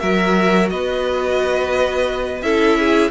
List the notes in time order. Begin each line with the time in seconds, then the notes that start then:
0.00 F#3 F#4 A#4 E5
0.70 B3 B4 D#5
2.42 C#4 E4 A4 E5
2.79 G#4